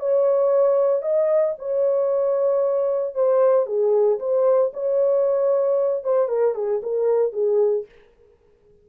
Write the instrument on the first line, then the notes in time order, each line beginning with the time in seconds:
horn
0.00 C#5
1.02 D#5
1.59 C#5
3.15 C5
3.67 G#4
4.19 C5
4.74 C#5
6.04 C5
6.28 A#4
6.55 G#4
6.83 A#4
7.33 G#4